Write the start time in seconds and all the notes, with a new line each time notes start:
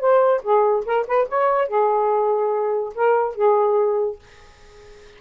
0.00 C5
0.43 G#4
0.86 A#4
1.07 B4
1.29 C#5
1.68 G#4
2.95 A#4
3.36 G#4